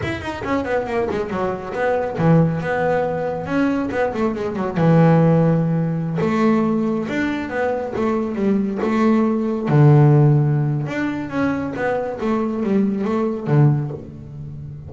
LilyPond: \new Staff \with { instrumentName = "double bass" } { \time 4/4 \tempo 4 = 138 e'8 dis'8 cis'8 b8 ais8 gis8 fis4 | b4 e4 b2 | cis'4 b8 a8 gis8 fis8 e4~ | e2~ e16 a4.~ a16~ |
a16 d'4 b4 a4 g8.~ | g16 a2 d4.~ d16~ | d4 d'4 cis'4 b4 | a4 g4 a4 d4 | }